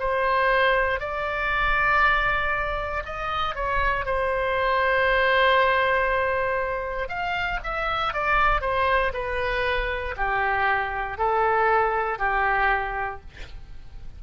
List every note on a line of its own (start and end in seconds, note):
0.00 1.00 C5
1.00 3.04 D5
3.06 3.55 D#5
3.55 4.06 C#5
4.06 7.09 C5
7.09 7.60 F5
7.64 8.14 E5
8.14 8.62 D5
8.62 9.12 C5
9.14 10.16 B4
10.17 11.18 G4
11.18 12.19 A4
12.19 13.21 G4